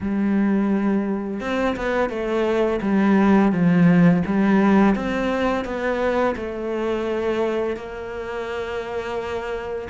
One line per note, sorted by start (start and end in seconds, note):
0.00 1.40 G3
1.40 1.76 C4
1.76 2.09 B3
2.09 2.80 A3
2.81 3.52 G3
3.52 4.22 F3
4.25 4.95 G3
4.95 5.64 C4
5.64 6.35 B3
6.35 7.76 A3
7.76 9.88 A#3